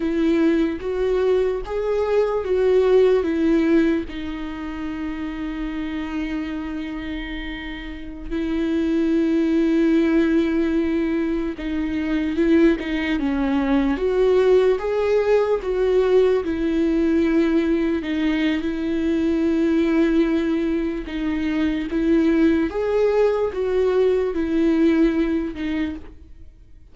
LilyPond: \new Staff \with { instrumentName = "viola" } { \time 4/4 \tempo 4 = 74 e'4 fis'4 gis'4 fis'4 | e'4 dis'2.~ | dis'2~ dis'16 e'4.~ e'16~ | e'2~ e'16 dis'4 e'8 dis'16~ |
dis'16 cis'4 fis'4 gis'4 fis'8.~ | fis'16 e'2 dis'8. e'4~ | e'2 dis'4 e'4 | gis'4 fis'4 e'4. dis'8 | }